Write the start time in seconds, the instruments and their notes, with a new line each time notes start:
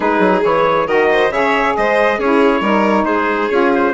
0.00 bassoon G#3, saxophone D#4, violin G#4, trumpet B4
0.19 bassoon F#3
0.44 bassoon E3, saxophone E4, trumpet C#5
0.86 bassoon D#3, saxophone F#4, violin A#4, trumpet D#5
1.11 violin C5
1.30 bassoon C#3, saxophone G#4, violin C#5, trumpet E5
1.76 bassoon G#3, violin C5, trumpet D#5
2.18 bassoon C#4, saxophone E4, violin G#4, trumpet C#5
2.60 bassoon G3, saxophone D#4, violin A#4
3.04 bassoon G#3, violin G#4, trumpet C5
3.48 bassoon C#4, saxophone F4, trumpet C#5
3.75 trumpet C5